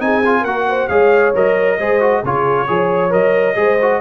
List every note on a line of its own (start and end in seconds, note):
0.00 0.44 C4
0.00 0.22 D#4
0.00 0.41 G#4
0.00 0.45 G#5
0.26 0.47 F4
0.41 0.89 A#3
0.41 0.64 A#4
0.41 0.88 F#5
0.47 0.90 F#4
0.68 0.90 C5
0.88 1.34 G#3
0.88 1.35 G#4
0.88 1.79 C#5
0.88 1.32 F5
1.35 1.79 F#3
1.35 1.79 A#4
1.35 2.25 D#5
1.79 2.23 G#3
1.79 2.01 G#4
1.79 2.24 C5
2.01 2.23 F#4
2.24 2.68 C#3
2.24 2.68 F4
2.24 2.68 G#4
2.24 3.13 C#5
2.68 3.13 F3
2.68 3.10 G#4
2.68 3.58 C#5
3.10 3.56 F#3
3.10 3.55 A#4
3.10 4.01 D#5
3.56 4.01 G#3
3.56 3.78 G#4
3.56 4.01 C5
3.82 4.01 F#4